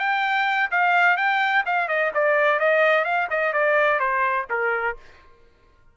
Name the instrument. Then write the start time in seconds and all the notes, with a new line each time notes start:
trumpet
0.00 G5
0.71 F5
1.17 G5
1.66 F5
1.89 D#5
2.15 D5
2.60 D#5
3.05 F5
3.31 D#5
3.53 D5
4.00 C5
4.50 A#4